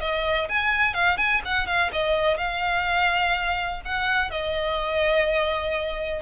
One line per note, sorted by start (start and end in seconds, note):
0.00 0.48 D#5
0.49 0.94 G#5
0.94 1.17 F5
1.17 1.41 G#5
1.45 1.66 F#5
1.66 1.90 F5
1.92 2.37 D#5
2.37 3.81 F5
3.85 4.30 F#5
4.30 6.22 D#5